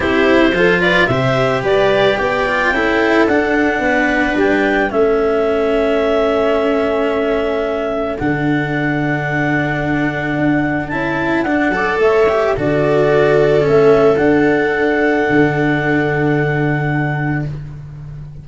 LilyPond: <<
  \new Staff \with { instrumentName = "clarinet" } { \time 4/4 \tempo 4 = 110 c''4. d''8 e''4 d''4 | g''2 fis''2 | g''4 e''2.~ | e''2. fis''4~ |
fis''1 | a''4 fis''4 e''4 d''4~ | d''4 e''4 fis''2~ | fis''1 | }
  \new Staff \with { instrumentName = "viola" } { \time 4/4 g'4 a'8 b'8 c''4 b'4 | d''4 a'2 b'4~ | b'4 a'2.~ | a'1~ |
a'1~ | a'4. d''8 cis''4 a'4~ | a'1~ | a'1 | }
  \new Staff \with { instrumentName = "cello" } { \time 4/4 e'4 f'4 g'2~ | g'8 f'8 e'4 d'2~ | d'4 cis'2.~ | cis'2. d'4~ |
d'1 | e'4 d'8 a'4 g'8 fis'4~ | fis'4 cis'4 d'2~ | d'1 | }
  \new Staff \with { instrumentName = "tuba" } { \time 4/4 c'4 f4 c4 g4 | b4 cis'4 d'4 b4 | g4 a2.~ | a2. d4~ |
d2. d'4 | cis'4 d'8 fis8 a4 d4~ | d4 a4 d'2 | d1 | }
>>